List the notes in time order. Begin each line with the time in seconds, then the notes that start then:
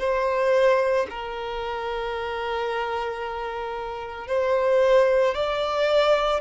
0.00 C5
1.10 A#4
4.28 C5
5.35 D5